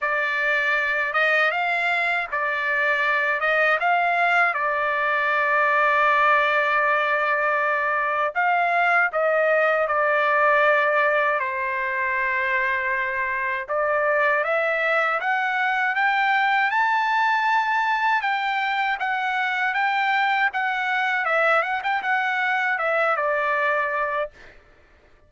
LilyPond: \new Staff \with { instrumentName = "trumpet" } { \time 4/4 \tempo 4 = 79 d''4. dis''8 f''4 d''4~ | d''8 dis''8 f''4 d''2~ | d''2. f''4 | dis''4 d''2 c''4~ |
c''2 d''4 e''4 | fis''4 g''4 a''2 | g''4 fis''4 g''4 fis''4 | e''8 fis''16 g''16 fis''4 e''8 d''4. | }